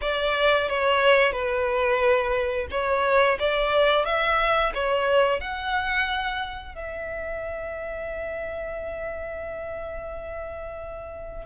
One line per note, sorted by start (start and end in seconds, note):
0.01 0.68 D5
0.68 1.32 C#5
1.32 2.67 B4
2.70 3.38 C#5
3.39 4.05 D5
4.05 4.72 E5
4.74 5.40 C#5
5.40 6.74 F#5
6.74 11.46 E5